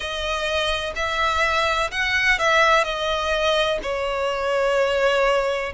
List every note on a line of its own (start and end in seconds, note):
0.00 0.93 D#5
0.95 1.90 E5
1.90 2.38 F#5
2.39 2.84 E5
2.84 3.79 D#5
3.82 5.72 C#5